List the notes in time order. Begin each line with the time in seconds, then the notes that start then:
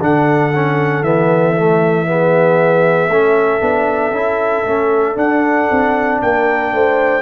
0.00 D3 D4 A4 F#5
0.55 C#4
1.02 E3 B3 E5
1.58 A3
2.07 B3 G#4
3.09 A3 C#4 A4
3.61 B3 D4
4.11 C#4 E4
4.66 A3 C#4
5.16 D4 F#5
5.71 C4
6.22 A#3 A#4 G5
6.73 A3 C5